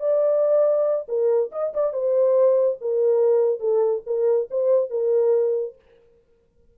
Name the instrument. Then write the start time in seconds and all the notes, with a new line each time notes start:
horn
0.00 D5
1.09 A#4
1.52 D#5
1.74 D5
1.93 C5
2.81 A#4
3.60 A4
4.07 A#4
4.51 C5
4.90 A#4